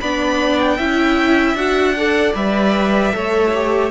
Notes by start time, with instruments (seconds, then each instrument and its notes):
0.00 cello B3, viola D4, violin D5 B5
0.59 violin G5
0.76 cello C#4, viola E4, violin E5
1.54 cello D4, viola F#4, violin F#5
1.97 viola A4, violin D5
2.35 cello G3, viola B4, violin E5
3.12 cello A3, viola A4, violin C#5
3.54 viola G4